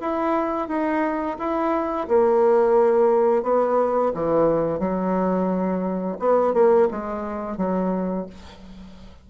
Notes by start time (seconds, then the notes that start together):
0.00 E4
0.67 D#4
1.38 E4
2.08 A#3
3.43 B3
4.13 E3
4.79 F#3
6.19 B3
6.53 A#3
6.91 G#3
7.57 F#3